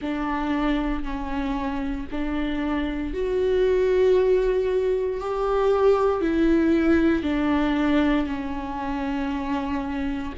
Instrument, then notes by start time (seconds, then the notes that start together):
viola
0.00 D4
1.03 C#4
2.11 D4
3.13 F#4
5.20 G4
6.21 E4
7.22 D4
8.26 C#4